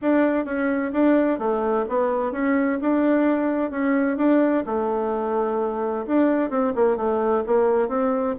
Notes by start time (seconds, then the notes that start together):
0.01 D4
0.45 C#4
0.92 D4
1.38 A3
1.88 B3
2.32 C#4
2.81 D4
3.70 C#4
4.17 D4
4.66 A3
6.07 D4
6.49 C4
6.75 A#3
6.96 A3
7.46 A#3
7.88 C4